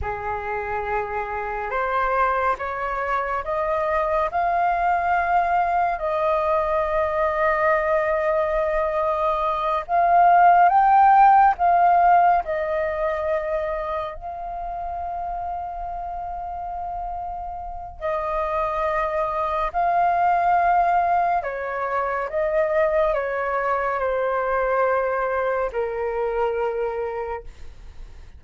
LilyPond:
\new Staff \with { instrumentName = "flute" } { \time 4/4 \tempo 4 = 70 gis'2 c''4 cis''4 | dis''4 f''2 dis''4~ | dis''2.~ dis''8 f''8~ | f''8 g''4 f''4 dis''4.~ |
dis''8 f''2.~ f''8~ | f''4 dis''2 f''4~ | f''4 cis''4 dis''4 cis''4 | c''2 ais'2 | }